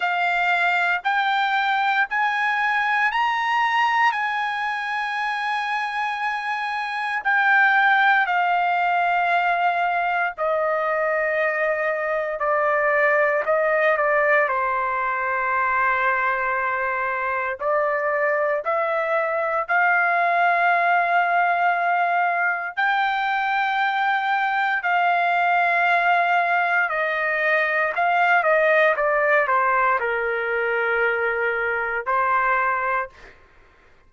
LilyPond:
\new Staff \with { instrumentName = "trumpet" } { \time 4/4 \tempo 4 = 58 f''4 g''4 gis''4 ais''4 | gis''2. g''4 | f''2 dis''2 | d''4 dis''8 d''8 c''2~ |
c''4 d''4 e''4 f''4~ | f''2 g''2 | f''2 dis''4 f''8 dis''8 | d''8 c''8 ais'2 c''4 | }